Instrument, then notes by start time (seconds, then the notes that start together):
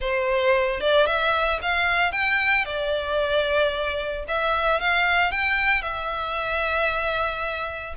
violin
0.00 C5
0.80 D5
1.06 E5
1.62 F5
2.12 G5
2.65 D5
4.28 E5
4.80 F5
5.31 G5
5.82 E5